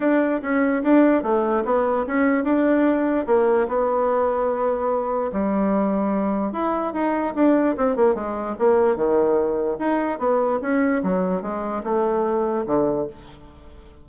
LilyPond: \new Staff \with { instrumentName = "bassoon" } { \time 4/4 \tempo 4 = 147 d'4 cis'4 d'4 a4 | b4 cis'4 d'2 | ais4 b2.~ | b4 g2. |
e'4 dis'4 d'4 c'8 ais8 | gis4 ais4 dis2 | dis'4 b4 cis'4 fis4 | gis4 a2 d4 | }